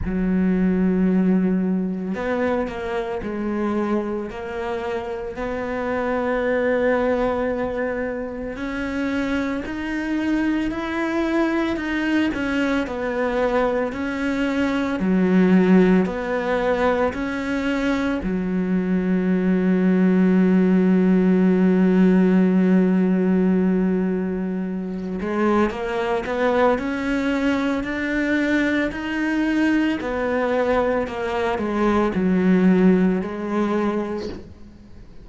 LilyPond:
\new Staff \with { instrumentName = "cello" } { \time 4/4 \tempo 4 = 56 fis2 b8 ais8 gis4 | ais4 b2. | cis'4 dis'4 e'4 dis'8 cis'8 | b4 cis'4 fis4 b4 |
cis'4 fis2.~ | fis2.~ fis8 gis8 | ais8 b8 cis'4 d'4 dis'4 | b4 ais8 gis8 fis4 gis4 | }